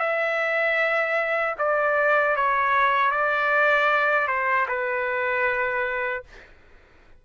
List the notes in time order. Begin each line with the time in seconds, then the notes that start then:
0.00 E5
1.59 D5
2.37 C#5
3.12 D5
4.28 C5
4.69 B4